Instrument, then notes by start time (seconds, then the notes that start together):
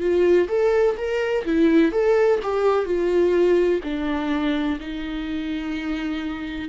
viola
0.00 F4
0.48 A4
0.97 A#4
1.45 E4
1.92 A4
2.43 G4
2.85 F4
3.84 D4
4.80 D#4